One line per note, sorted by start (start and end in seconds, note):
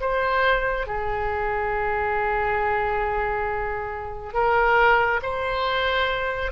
0.00 0.86 C5
0.86 4.33 G#4
4.33 5.20 A#4
5.22 6.51 C5